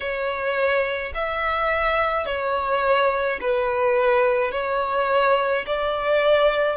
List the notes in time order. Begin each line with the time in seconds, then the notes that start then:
0.00 C#5
1.14 E5
2.25 C#5
3.41 B4
4.51 C#5
5.66 D5